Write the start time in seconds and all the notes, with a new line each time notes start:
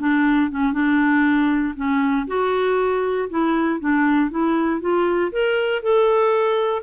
0.00 D4
0.51 C#4
0.73 D4
1.76 C#4
2.27 F#4
3.30 E4
3.80 D4
4.31 E4
4.81 F4
5.32 A#4
5.83 A4